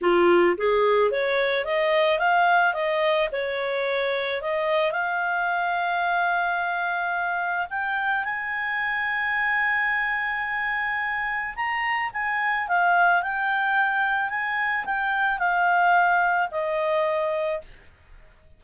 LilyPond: \new Staff \with { instrumentName = "clarinet" } { \time 4/4 \tempo 4 = 109 f'4 gis'4 cis''4 dis''4 | f''4 dis''4 cis''2 | dis''4 f''2.~ | f''2 g''4 gis''4~ |
gis''1~ | gis''4 ais''4 gis''4 f''4 | g''2 gis''4 g''4 | f''2 dis''2 | }